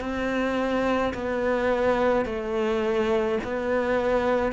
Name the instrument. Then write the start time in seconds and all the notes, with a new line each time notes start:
cello
0.00 C4
1.14 B3
2.25 A3
3.44 B3